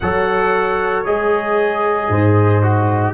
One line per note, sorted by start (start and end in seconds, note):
0.00 1.05 F#3
0.00 1.05 A4
0.00 2.10 C#5
0.00 1.03 F#5
1.05 2.09 G#3
1.05 2.62 G#4
1.05 3.13 D#5
2.09 3.13 G#2
2.09 3.13 C5
2.62 3.13 F#4